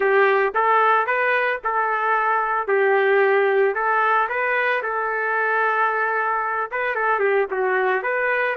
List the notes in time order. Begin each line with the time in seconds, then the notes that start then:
0.00 G4
0.54 A4
1.06 B4
1.64 A4
2.67 G4
3.74 A4
4.29 B4
4.82 A4
6.71 B4
6.95 A4
7.19 G4
7.50 F#4
8.02 B4